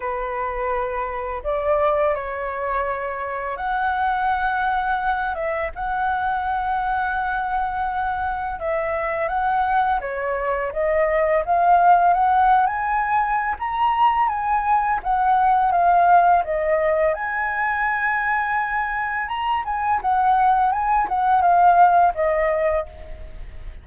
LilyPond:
\new Staff \with { instrumentName = "flute" } { \time 4/4 \tempo 4 = 84 b'2 d''4 cis''4~ | cis''4 fis''2~ fis''8 e''8 | fis''1 | e''4 fis''4 cis''4 dis''4 |
f''4 fis''8. gis''4~ gis''16 ais''4 | gis''4 fis''4 f''4 dis''4 | gis''2. ais''8 gis''8 | fis''4 gis''8 fis''8 f''4 dis''4 | }